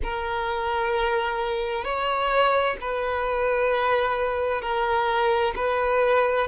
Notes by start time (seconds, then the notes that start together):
0.03 A#4
1.84 C#5
2.80 B4
4.61 A#4
5.55 B4